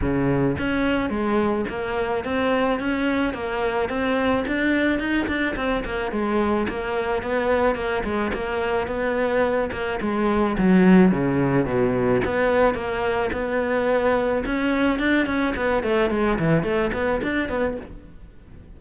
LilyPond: \new Staff \with { instrumentName = "cello" } { \time 4/4 \tempo 4 = 108 cis4 cis'4 gis4 ais4 | c'4 cis'4 ais4 c'4 | d'4 dis'8 d'8 c'8 ais8 gis4 | ais4 b4 ais8 gis8 ais4 |
b4. ais8 gis4 fis4 | cis4 b,4 b4 ais4 | b2 cis'4 d'8 cis'8 | b8 a8 gis8 e8 a8 b8 d'8 b8 | }